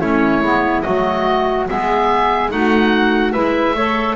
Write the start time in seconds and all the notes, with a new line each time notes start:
0.00 A3 C#4 E4 C#5
0.41 G#3 B3
0.81 F#3 A3 F#4 D#5
1.68 G#3 B3 G#4 E5
2.49 A3 D#4 F#4 F#5
3.32 G#3 E4 B4 E5
3.74 A3 A4 C#5